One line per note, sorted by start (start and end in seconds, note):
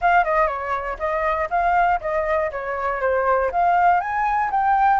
0.01 0.24 F5
0.24 0.47 D#5
0.47 0.97 C#5
0.98 1.48 D#5
1.50 2.00 F5
2.00 2.50 D#5
2.51 3.00 C#5
3.00 3.50 C5
3.51 4.00 F5
4.00 4.50 G#5
4.50 5.00 G5